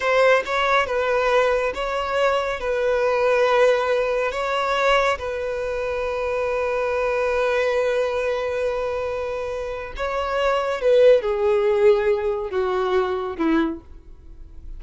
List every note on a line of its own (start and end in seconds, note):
0.00 0.43 C5
0.45 0.86 C#5
0.86 1.72 B4
1.74 2.60 C#5
2.60 4.31 B4
4.31 5.18 C#5
5.18 9.93 B4
9.96 10.81 C#5
10.81 11.21 B4
11.21 12.50 G#4
12.50 13.36 F#4
13.37 13.80 E4